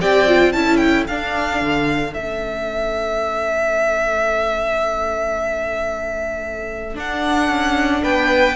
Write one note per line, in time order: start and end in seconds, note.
0.00 0.54 C4
0.00 0.27 G4
0.00 0.53 D5
0.00 0.52 G5
0.27 0.54 F4
0.52 1.07 C#4
0.52 1.07 E4
0.52 8.02 A4
0.52 0.77 A5
0.77 1.03 G5
1.07 1.61 D4
1.07 2.15 D4
1.07 2.13 F5
1.61 2.15 D3
2.13 6.96 A3
2.13 6.94 C#4
2.13 6.96 E5
6.94 8.55 D4
6.94 7.48 D4
6.94 8.03 F#5
7.48 8.02 C#4
8.02 8.56 B3
8.02 8.56 B4
8.02 8.56 G5